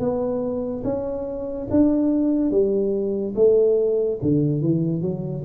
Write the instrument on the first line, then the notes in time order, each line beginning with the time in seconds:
tuba
0.00 B3
0.84 C#4
1.70 D4
2.51 G3
3.36 A3
4.22 D3
4.62 E3
5.02 F#3